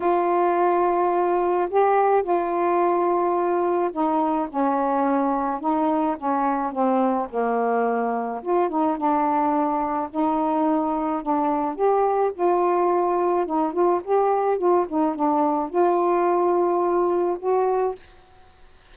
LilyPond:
\new Staff \with { instrumentName = "saxophone" } { \time 4/4 \tempo 4 = 107 f'2. g'4 | f'2. dis'4 | cis'2 dis'4 cis'4 | c'4 ais2 f'8 dis'8 |
d'2 dis'2 | d'4 g'4 f'2 | dis'8 f'8 g'4 f'8 dis'8 d'4 | f'2. fis'4 | }